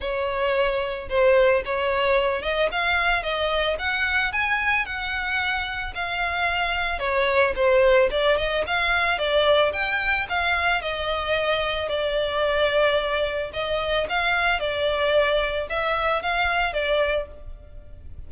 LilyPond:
\new Staff \with { instrumentName = "violin" } { \time 4/4 \tempo 4 = 111 cis''2 c''4 cis''4~ | cis''8 dis''8 f''4 dis''4 fis''4 | gis''4 fis''2 f''4~ | f''4 cis''4 c''4 d''8 dis''8 |
f''4 d''4 g''4 f''4 | dis''2 d''2~ | d''4 dis''4 f''4 d''4~ | d''4 e''4 f''4 d''4 | }